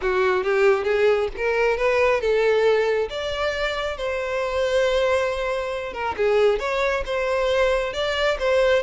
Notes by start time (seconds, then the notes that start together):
0.01 F#4
0.43 G4
0.84 G#4
1.37 A#4
1.77 B4
2.20 A4
3.09 D5
3.97 C5
5.93 A#4
6.16 G#4
6.59 C#5
7.05 C5
7.93 D5
8.39 C5